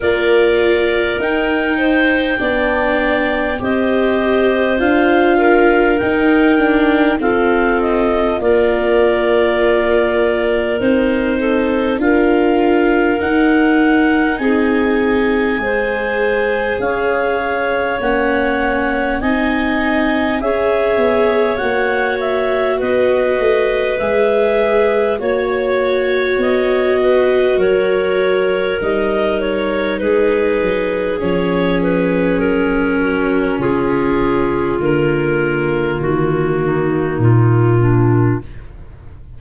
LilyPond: <<
  \new Staff \with { instrumentName = "clarinet" } { \time 4/4 \tempo 4 = 50 d''4 g''2 dis''4 | f''4 g''4 f''8 dis''8 d''4~ | d''4 c''4 f''4 fis''4 | gis''2 f''4 fis''4 |
gis''4 e''4 fis''8 e''8 dis''4 | e''4 cis''4 dis''4 cis''4 | dis''8 cis''8 b'4 cis''8 b'8 ais'4 | gis'4 ais'4 fis'4 f'4 | }
  \new Staff \with { instrumentName = "clarinet" } { \time 4/4 ais'4. c''8 d''4 c''4~ | c''8 ais'4. a'4 ais'4~ | ais'4. a'8 ais'2 | gis'4 c''4 cis''2 |
dis''4 cis''2 b'4~ | b'4 cis''4. b'8 ais'4~ | ais'4 gis'2~ gis'8 fis'8 | f'2~ f'8 dis'4 d'8 | }
  \new Staff \with { instrumentName = "viola" } { \time 4/4 f'4 dis'4 d'4 g'4 | f'4 dis'8 d'8 c'4 f'4~ | f'4 dis'4 f'4 dis'4~ | dis'4 gis'2 cis'4 |
dis'4 gis'4 fis'2 | gis'4 fis'2. | dis'2 cis'2~ | cis'4 ais2. | }
  \new Staff \with { instrumentName = "tuba" } { \time 4/4 ais4 dis'4 b4 c'4 | d'4 dis'4 f'4 ais4~ | ais4 c'4 d'4 dis'4 | c'4 gis4 cis'4 ais4 |
c'4 cis'8 b8 ais4 b8 a8 | gis4 ais4 b4 fis4 | g4 gis8 fis8 f4 fis4 | cis4 d4 dis4 ais,4 | }
>>